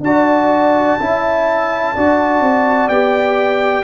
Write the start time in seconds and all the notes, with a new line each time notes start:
0.00 D4 F#4 D5 A5
1.00 C#4 E4 E5
1.95 D4 F#4 D5
2.40 C4
2.88 B3 G4 G5